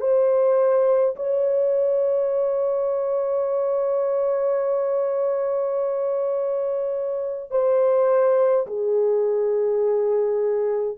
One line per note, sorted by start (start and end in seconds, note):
0.00 1.15 C5
1.16 7.51 C#5
7.51 8.66 C5
8.66 10.97 G#4